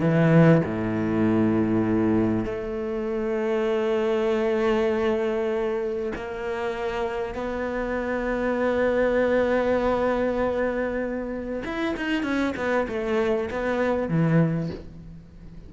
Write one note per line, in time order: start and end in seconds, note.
0.00 0.61 E3
0.64 2.45 A2
2.45 6.12 A3
6.15 7.34 A#3
7.34 11.63 B3
11.64 11.95 E4
11.97 12.23 D#4
12.23 12.54 C#4
12.56 12.87 B3
12.88 13.49 A3
13.51 14.09 B3
14.09 14.70 E3